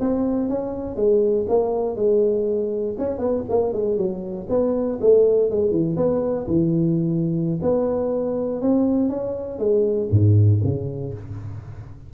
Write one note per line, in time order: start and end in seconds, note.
0.00 0.49 C4
0.49 0.96 C#4
0.96 1.46 G#3
1.48 1.96 A#3
1.96 2.96 G#3
2.98 3.18 C#4
3.18 3.43 B3
3.49 3.73 A#3
3.73 3.97 G#3
3.97 4.47 F#3
4.49 4.99 B3
5.01 5.50 A3
5.50 5.71 G#3
5.71 5.96 E3
5.97 6.47 B3
6.47 7.60 E3
7.62 8.62 B3
8.62 9.09 C4
9.09 9.59 C#4
9.59 10.09 G#3
10.11 10.61 G#2
10.64 11.14 C#3